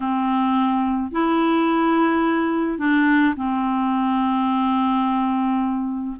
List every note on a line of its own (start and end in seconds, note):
0.00 1.11 C4
1.11 2.78 E4
2.78 3.34 D4
3.36 6.16 C4